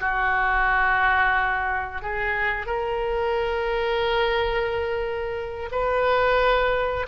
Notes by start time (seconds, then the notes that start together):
0.00 F#4
2.02 G#4
2.66 A#4
5.72 B4